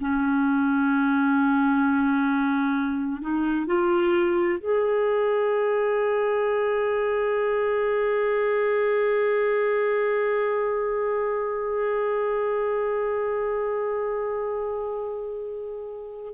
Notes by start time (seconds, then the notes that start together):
0.00 C#4
3.21 D#4
3.66 F4
4.59 G#4